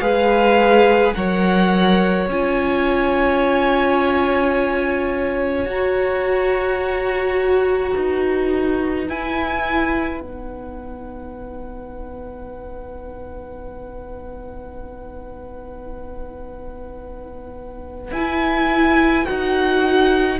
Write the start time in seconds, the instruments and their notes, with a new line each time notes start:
0.00 cello G#3, viola G#4, violin B4 F5
1.14 cello F#3, viola A#4, violin C#5 F#5
2.29 cello C#4, viola F4, violin G#5
5.66 cello F#4, viola F#4, violin A#5
7.93 cello D#4, violin B4
9.09 viola E4, cello E4, violin G#5
10.20 cello B3, viola D#4, violin F#5
18.12 cello E4, viola E4, violin G#5
19.25 cello D#4, viola F#4, violin F#5